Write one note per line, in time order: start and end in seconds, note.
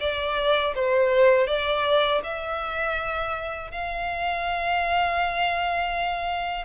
0.00 0.74 D5
0.75 1.47 C5
1.47 2.21 D5
2.23 3.70 E5
3.70 6.65 F5